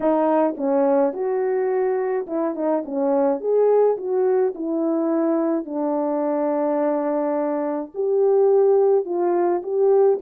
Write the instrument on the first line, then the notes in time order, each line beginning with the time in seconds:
horn
0.00 D#4
0.57 C#4
1.13 F#4
2.26 E4
2.55 D#4
2.85 C#4
3.40 G#4
3.97 F#4
4.54 E4
5.65 D4
7.94 G4
9.05 F4
9.62 G4